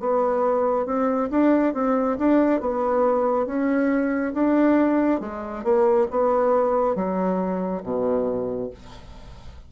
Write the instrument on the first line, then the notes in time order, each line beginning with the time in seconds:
bassoon
0.00 B3
0.86 C4
1.31 D4
1.74 C4
2.19 D4
2.61 B3
3.47 C#4
4.34 D4
5.21 G#3
5.64 A#3
6.11 B3
6.96 F#3
7.83 B2